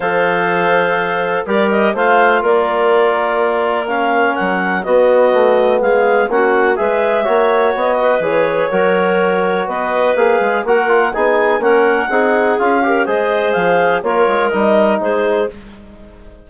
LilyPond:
<<
  \new Staff \with { instrumentName = "clarinet" } { \time 4/4 \tempo 4 = 124 f''2. d''8 dis''8 | f''4 d''2. | f''4 fis''4 dis''2 | f''4 fis''4 e''2 |
dis''4 cis''2. | dis''4 f''4 fis''4 gis''4 | fis''2 f''4 dis''4 | f''4 cis''4 dis''4 c''4 | }
  \new Staff \with { instrumentName = "clarinet" } { \time 4/4 c''2. ais'4 | c''4 ais'2.~ | ais'2 fis'2 | gis'4 fis'4 b'4 cis''4~ |
cis''8 b'4. ais'2 | b'2 ais'4 gis'4 | ais'4 gis'4. ais'8 c''4~ | c''4 ais'2 gis'4 | }
  \new Staff \with { instrumentName = "trombone" } { \time 4/4 a'2. g'4 | f'1 | cis'2 b2~ | b4 cis'4 gis'4 fis'4~ |
fis'4 gis'4 fis'2~ | fis'4 gis'4 fis'8 f'8 dis'4 | cis'4 dis'4 f'8 g'8 gis'4~ | gis'4 f'4 dis'2 | }
  \new Staff \with { instrumentName = "bassoon" } { \time 4/4 f2. g4 | a4 ais2.~ | ais4 fis4 b4 a4 | gis4 ais4 gis4 ais4 |
b4 e4 fis2 | b4 ais8 gis8 ais4 b4 | ais4 c'4 cis'4 gis4 | f4 ais8 gis8 g4 gis4 | }
>>